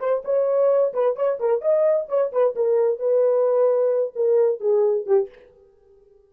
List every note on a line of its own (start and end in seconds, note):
0.00 0.23 C5
0.25 0.93 C#5
0.93 1.16 B4
1.16 1.39 C#5
1.40 1.61 A#4
1.61 2.07 D#5
2.09 2.32 C#5
2.33 2.55 B4
2.55 2.99 A#4
2.99 4.13 B4
4.16 4.61 A#4
4.61 5.06 G#4
5.06 5.29 G4